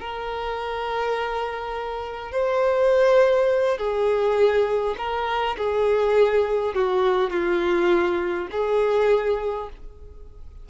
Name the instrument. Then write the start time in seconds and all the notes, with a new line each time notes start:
violin
0.00 A#4
2.32 C5
3.78 G#4
4.98 A#4
5.58 G#4
6.75 F#4
7.30 F4
8.52 G#4